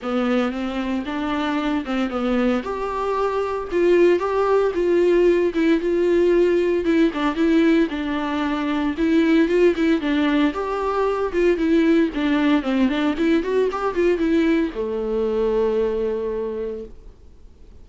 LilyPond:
\new Staff \with { instrumentName = "viola" } { \time 4/4 \tempo 4 = 114 b4 c'4 d'4. c'8 | b4 g'2 f'4 | g'4 f'4. e'8 f'4~ | f'4 e'8 d'8 e'4 d'4~ |
d'4 e'4 f'8 e'8 d'4 | g'4. f'8 e'4 d'4 | c'8 d'8 e'8 fis'8 g'8 f'8 e'4 | a1 | }